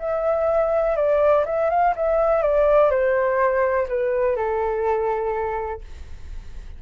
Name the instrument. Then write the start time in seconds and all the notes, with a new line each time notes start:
flute
0.00 E5
0.97 D5
1.46 E5
1.70 F5
1.96 E5
2.43 D5
2.91 C5
3.89 B4
4.36 A4